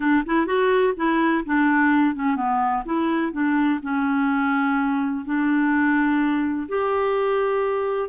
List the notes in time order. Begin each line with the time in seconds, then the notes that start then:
0.00 D4
0.26 E4
0.46 F#4
0.96 E4
1.45 D4
2.15 C#4
2.36 B3
2.85 E4
3.32 D4
3.82 C#4
5.25 D4
6.68 G4